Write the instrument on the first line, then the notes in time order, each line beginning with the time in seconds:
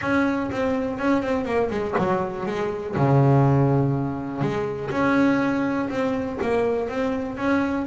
double bass
0.01 C#4
0.51 C4
0.99 C#4
1.22 C4
1.45 A#3
1.70 G#3
1.97 F#3
2.46 G#3
2.95 C#3
4.41 G#3
4.90 C#4
5.89 C4
6.41 A#3
6.89 C4
7.37 C#4